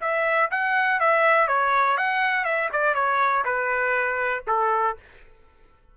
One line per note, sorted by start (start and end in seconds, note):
0.00 0.50 E5
0.50 0.99 F#5
0.99 1.47 E5
1.47 1.97 C#5
1.97 2.44 F#5
2.44 2.69 E5
2.72 2.94 D5
2.94 3.43 C#5
3.45 4.44 B4
4.47 4.97 A4